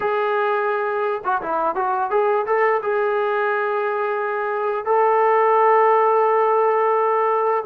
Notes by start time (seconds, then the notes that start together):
0.00 G#4
1.24 F#4
1.41 E4
1.75 F#4
2.10 G#4
2.46 A4
2.82 G#4
4.85 A4